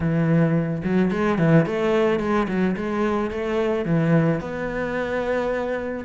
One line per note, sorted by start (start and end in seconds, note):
0.00 0.82 E3
0.84 1.11 F#3
1.11 1.38 G#3
1.38 1.66 E3
1.66 2.19 A3
2.19 2.47 G#3
2.48 2.75 F#3
2.76 3.30 G#3
3.30 3.85 A3
3.85 4.40 E3
4.40 6.04 B3